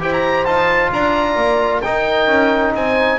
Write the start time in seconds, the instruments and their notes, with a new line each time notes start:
0.00 double bass E4, trombone G4, horn C5, oboe G5
0.13 oboe A#5
0.45 double bass D#4, trombone F4, oboe A5
0.92 double bass D4, horn D5, oboe A#5
1.35 double bass A#3
1.82 trombone D#4, double bass D#4, horn A#4, oboe G5
2.27 double bass C#4
2.74 double bass C4, horn C5, oboe G#5